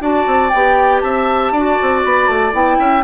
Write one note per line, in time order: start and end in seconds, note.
0.00 0.25 D4
0.00 0.50 F#4
0.00 1.02 D5
0.00 0.49 A5
0.26 0.51 C4
0.49 1.02 B3
0.49 0.99 G5
0.55 1.56 G4
1.00 1.51 C4
1.00 1.52 E5
1.00 2.01 A5
1.51 1.77 D4
1.51 2.52 F#4
1.51 2.78 D5
1.81 2.04 C4
2.04 2.28 B3
2.04 2.27 B5
2.27 2.53 A3
2.27 2.53 A5
2.52 2.78 B3
2.52 3.02 E4
2.52 3.03 G5
2.78 3.03 C#4
2.78 3.03 E5